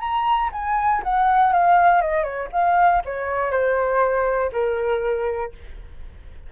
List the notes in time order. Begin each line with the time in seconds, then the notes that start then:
0.00 A#5
0.53 G#5
1.03 F#5
1.53 F5
2.02 D#5
2.24 C#5
2.53 F5
3.05 C#5
3.51 C5
4.53 A#4